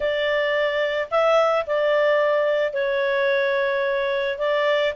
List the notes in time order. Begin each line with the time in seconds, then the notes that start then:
0.00 D5
1.10 E5
1.66 D5
2.73 C#5
4.38 D5